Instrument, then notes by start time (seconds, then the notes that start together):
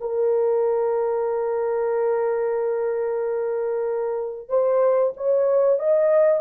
horn
0.00 A#4
4.48 C5
5.16 C#5
5.79 D#5